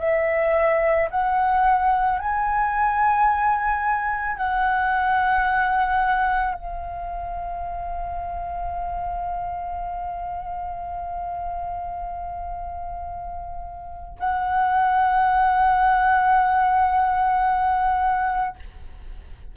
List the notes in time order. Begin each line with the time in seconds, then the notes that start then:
0.00 E5
1.11 F#5
2.20 G#5
4.37 F#5
6.55 F5
14.20 F#5